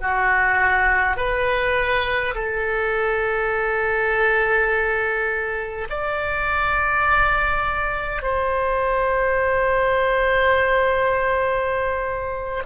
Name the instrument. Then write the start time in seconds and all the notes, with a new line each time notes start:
oboe
0.00 F#4
1.16 B4
2.34 A4
5.89 D5
8.21 C5